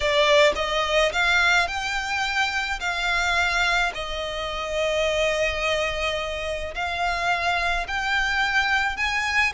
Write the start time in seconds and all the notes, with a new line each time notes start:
0.00 D5
0.55 D#5
1.12 F5
1.67 G5
2.79 F5
3.94 D#5
6.74 F5
7.87 G5
8.96 G#5